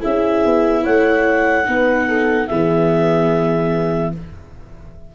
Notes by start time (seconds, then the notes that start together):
0.00 C#4 E4 G#4 E5
0.46 B3
0.83 A3 C#5 F#5
1.65 B3 D#4 B4
2.08 A4
2.48 E3 B3 G#4 E5